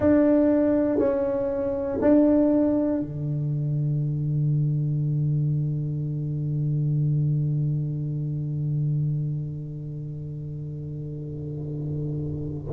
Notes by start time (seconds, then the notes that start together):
0.00 D4
0.98 C#4
2.00 D4
3.00 D3